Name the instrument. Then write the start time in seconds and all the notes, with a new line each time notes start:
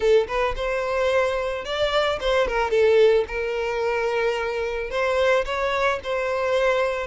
violin
0.00 A4
0.27 B4
0.56 C5
1.64 D5
2.20 C5
2.47 A#4
2.70 A4
3.27 A#4
4.90 C5
5.45 C#5
6.03 C5